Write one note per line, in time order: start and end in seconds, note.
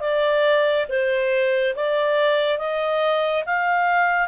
0.00 0.86 D5
0.88 1.74 C5
1.75 2.58 D5
2.58 3.44 D#5
3.45 4.28 F5